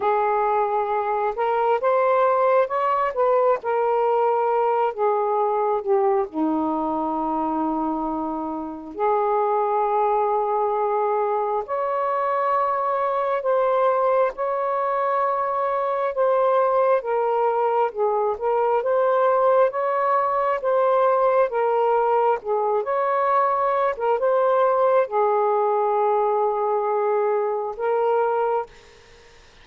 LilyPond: \new Staff \with { instrumentName = "saxophone" } { \time 4/4 \tempo 4 = 67 gis'4. ais'8 c''4 cis''8 b'8 | ais'4. gis'4 g'8 dis'4~ | dis'2 gis'2~ | gis'4 cis''2 c''4 |
cis''2 c''4 ais'4 | gis'8 ais'8 c''4 cis''4 c''4 | ais'4 gis'8 cis''4~ cis''16 ais'16 c''4 | gis'2. ais'4 | }